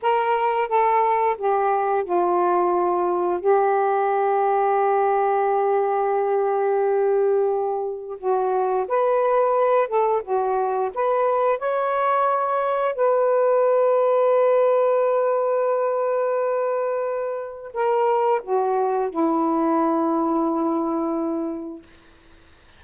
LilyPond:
\new Staff \with { instrumentName = "saxophone" } { \time 4/4 \tempo 4 = 88 ais'4 a'4 g'4 f'4~ | f'4 g'2.~ | g'1 | fis'4 b'4. a'8 fis'4 |
b'4 cis''2 b'4~ | b'1~ | b'2 ais'4 fis'4 | e'1 | }